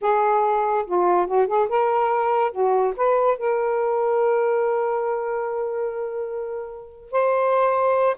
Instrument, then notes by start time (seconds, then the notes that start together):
saxophone
0.01 G#4
0.86 F4
1.26 F#4
1.47 G#4
1.68 A#4
2.51 F#4
2.96 B4
3.37 A#4
7.11 C5